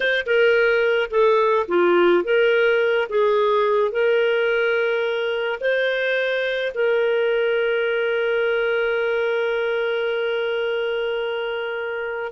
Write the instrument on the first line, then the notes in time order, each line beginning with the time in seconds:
clarinet
0.00 C5
0.25 A#4
1.10 A4
1.67 F4
2.24 A#4
3.09 G#4
3.91 A#4
5.60 C5
6.74 A#4